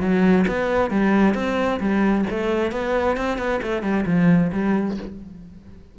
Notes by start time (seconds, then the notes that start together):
0.00 F#3
0.48 B3
0.91 G3
1.35 C4
1.80 G3
2.30 A3
2.71 B3
3.17 C4
3.38 B3
3.63 A3
3.82 G3
4.06 F3
4.52 G3